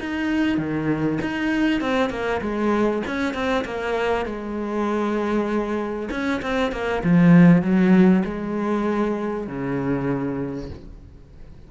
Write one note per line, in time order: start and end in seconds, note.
0.00 0.58 D#4
0.58 1.19 D#3
1.22 1.81 D#4
1.81 2.10 C4
2.10 2.41 A#3
2.41 3.03 G#3
3.07 3.34 C#4
3.34 3.65 C4
3.65 4.26 A#3
4.26 6.09 G#3
6.11 6.41 C#4
6.42 6.72 C4
6.72 7.03 A#3
7.04 7.62 F3
7.62 8.23 F#3
8.25 9.47 G#3
9.47 10.70 C#3